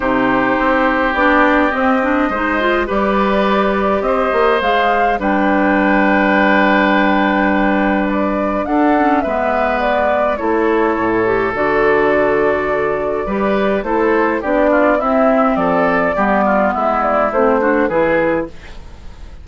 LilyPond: <<
  \new Staff \with { instrumentName = "flute" } { \time 4/4 \tempo 4 = 104 c''2 d''4 dis''4~ | dis''4 d''2 dis''4 | f''4 g''2.~ | g''2 d''4 fis''4 |
e''4 d''4 cis''2 | d''1 | c''4 d''4 e''4 d''4~ | d''4 e''8 d''8 c''4 b'4 | }
  \new Staff \with { instrumentName = "oboe" } { \time 4/4 g'1 | c''4 b'2 c''4~ | c''4 b'2.~ | b'2. a'4 |
b'2 a'2~ | a'2. b'4 | a'4 g'8 f'8 e'4 a'4 | g'8 f'8 e'4. fis'8 gis'4 | }
  \new Staff \with { instrumentName = "clarinet" } { \time 4/4 dis'2 d'4 c'8 d'8 | dis'8 f'8 g'2. | gis'4 d'2.~ | d'2.~ d'8 cis'8 |
b2 e'4. g'8 | fis'2. g'4 | e'4 d'4 c'2 | b2 c'8 d'8 e'4 | }
  \new Staff \with { instrumentName = "bassoon" } { \time 4/4 c4 c'4 b4 c'4 | gis4 g2 c'8 ais8 | gis4 g2.~ | g2. d'4 |
gis2 a4 a,4 | d2. g4 | a4 b4 c'4 f4 | g4 gis4 a4 e4 | }
>>